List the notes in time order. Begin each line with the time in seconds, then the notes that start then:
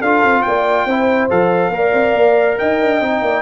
0.00 D4 F4 A4 F5
0.24 C4
0.42 A#3 D5 G5
0.86 C4 E4 C5
1.30 F3 A4 F5
1.70 A#3 A#4
1.77 D5
1.93 C4
2.14 A#3
2.59 D#4 D#5 G5
2.81 D4
3.01 C4 D#4
3.22 A#3 D5